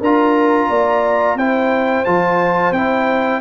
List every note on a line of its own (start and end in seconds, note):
0.00 0.69 D4
0.00 1.39 F4
0.00 0.68 A#4
0.00 1.39 A#5
0.69 1.36 A#3
0.69 1.38 D5
1.36 2.04 C4
1.36 2.06 E4
1.36 3.41 C5
1.36 2.05 G5
2.05 2.72 F3
2.05 2.74 F4
2.05 2.73 A5
2.72 3.40 C4
2.72 3.41 E4
2.72 3.41 G5